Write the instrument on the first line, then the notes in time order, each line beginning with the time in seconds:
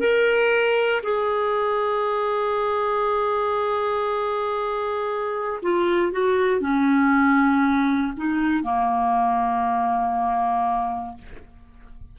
clarinet
0.00 A#4
1.03 G#4
5.63 F4
6.12 F#4
6.61 C#4
8.17 D#4
8.63 A#3